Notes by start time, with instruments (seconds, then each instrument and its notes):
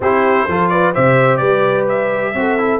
0.00 tuba C4, trombone E4, horn G4, trumpet C5
0.48 tuba F3, trombone F4, horn A4
0.69 horn B4, trumpet D5
0.93 tuba C3, trombone G4, horn C5, trumpet E5
1.37 tuba G3, horn B4, trumpet D5
1.89 trumpet E5
2.34 tuba C4, trombone F#4, horn A4
2.58 trombone E4